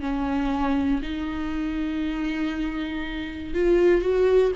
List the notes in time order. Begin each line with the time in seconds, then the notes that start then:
0.00 C#4
1.02 D#4
3.54 F4
4.01 F#4